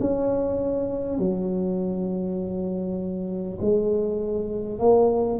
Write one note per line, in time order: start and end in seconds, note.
0.00 1.19 C#4
1.19 3.59 F#3
3.61 4.79 G#3
4.79 5.39 A#3